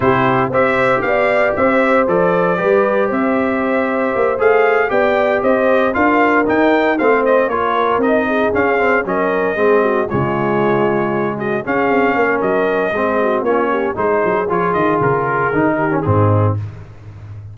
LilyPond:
<<
  \new Staff \with { instrumentName = "trumpet" } { \time 4/4 \tempo 4 = 116 c''4 e''4 f''4 e''4 | d''2 e''2~ | e''8 f''4 g''4 dis''4 f''8~ | f''8 g''4 f''8 dis''8 cis''4 dis''8~ |
dis''8 f''4 dis''2 cis''8~ | cis''2 dis''8 f''4. | dis''2 cis''4 c''4 | cis''8 dis''8 ais'2 gis'4 | }
  \new Staff \with { instrumentName = "horn" } { \time 4/4 g'4 c''4 d''4 c''4~ | c''4 b'4 c''2~ | c''4. d''4 c''4 ais'8~ | ais'4. c''4 ais'4. |
gis'4. ais'4 gis'8 fis'8 f'8~ | f'2 fis'8 gis'4 ais'8~ | ais'4 gis'8 fis'8 f'8 g'8 gis'4~ | gis'2~ gis'8 g'8 dis'4 | }
  \new Staff \with { instrumentName = "trombone" } { \time 4/4 e'4 g'2. | a'4 g'2.~ | g'8 gis'4 g'2 f'8~ | f'8 dis'4 c'4 f'4 dis'8~ |
dis'8 cis'8 c'8 cis'4 c'4 gis8~ | gis2~ gis8 cis'4.~ | cis'4 c'4 cis'4 dis'4 | f'2 dis'8. cis'16 c'4 | }
  \new Staff \with { instrumentName = "tuba" } { \time 4/4 c4 c'4 b4 c'4 | f4 g4 c'2 | ais8 a4 b4 c'4 d'8~ | d'8 dis'4 a4 ais4 c'8~ |
c'8 cis'4 fis4 gis4 cis8~ | cis2~ cis8 cis'8 c'8 ais8 | fis4 gis4 ais4 gis8 fis8 | f8 dis8 cis4 dis4 gis,4 | }
>>